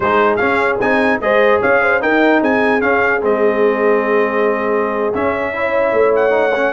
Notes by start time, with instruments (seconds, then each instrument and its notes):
0.00 tuba G#3, trombone D#4, horn G#4, trumpet C5
0.36 trombone C#4, tuba C#4, trumpet F5
0.80 tuba C4, trombone D#4, trumpet G#5
1.20 tuba G#3, trombone G#4, horn C5, trumpet D#5
1.60 tuba C#4, horn C#5, trumpet F5
1.82 horn C5
2.00 trombone D#4, tuba D#4, horn A#4, trumpet G5
2.40 tuba C4, horn G#4, trumpet G#5
2.80 trombone C#4, tuba C#4, trumpet F5
3.22 tuba G#3, trombone C4, trumpet D#5
5.14 trombone C#4, tuba C#4, trumpet E5
5.53 trombone E4, horn C#5
5.92 tuba A3
6.15 trumpet F#5
6.30 trombone D#4
6.55 trombone C#4